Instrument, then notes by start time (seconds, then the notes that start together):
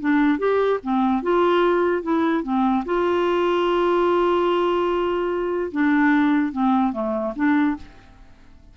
clarinet
0.00 D4
0.39 G4
0.83 C4
1.22 F4
2.03 E4
2.43 C4
2.86 F4
5.72 D4
6.52 C4
6.93 A3
7.36 D4